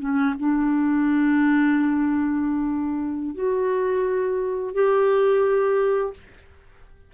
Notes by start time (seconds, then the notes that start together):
0.00 C#4
0.39 D4
3.35 F#4
4.74 G4